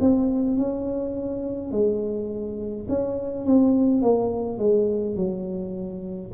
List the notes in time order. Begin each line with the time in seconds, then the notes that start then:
0.00 C4
0.57 C#4
1.71 G#3
2.88 C#4
3.45 C4
4.02 A#3
4.58 G#3
5.16 F#3